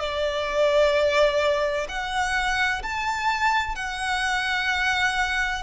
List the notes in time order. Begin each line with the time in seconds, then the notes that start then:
0.00 D5
1.89 F#5
2.83 A5
3.76 F#5